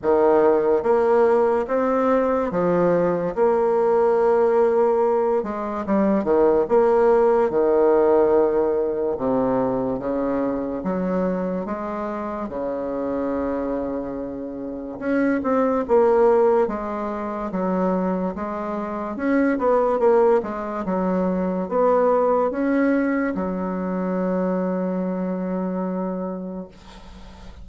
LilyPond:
\new Staff \with { instrumentName = "bassoon" } { \time 4/4 \tempo 4 = 72 dis4 ais4 c'4 f4 | ais2~ ais8 gis8 g8 dis8 | ais4 dis2 c4 | cis4 fis4 gis4 cis4~ |
cis2 cis'8 c'8 ais4 | gis4 fis4 gis4 cis'8 b8 | ais8 gis8 fis4 b4 cis'4 | fis1 | }